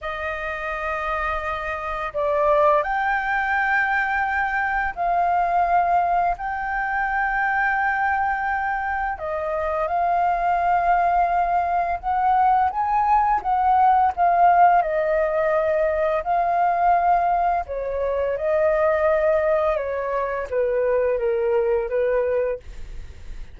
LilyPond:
\new Staff \with { instrumentName = "flute" } { \time 4/4 \tempo 4 = 85 dis''2. d''4 | g''2. f''4~ | f''4 g''2.~ | g''4 dis''4 f''2~ |
f''4 fis''4 gis''4 fis''4 | f''4 dis''2 f''4~ | f''4 cis''4 dis''2 | cis''4 b'4 ais'4 b'4 | }